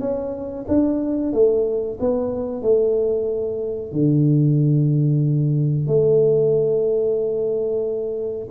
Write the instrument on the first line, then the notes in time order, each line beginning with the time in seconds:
tuba
0.00 C#4
0.68 D4
1.33 A3
2.00 B3
2.62 A3
3.92 D3
5.87 A3